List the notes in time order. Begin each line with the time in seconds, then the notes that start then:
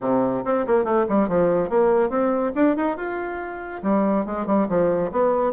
0.00 C3
0.44 C4
0.67 A#3
0.84 A3
1.08 G3
1.28 F3
1.69 A#3
2.09 C4
2.55 D4
2.76 D#4
2.97 F4
3.83 G3
4.25 G#3
4.46 G3
4.68 F3
5.11 B3